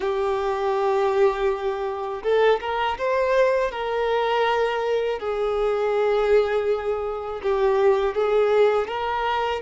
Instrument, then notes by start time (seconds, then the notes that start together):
violin
0.00 G4
2.23 A4
2.60 A#4
2.98 C5
3.71 A#4
5.19 G#4
7.43 G4
8.14 G#4
8.87 A#4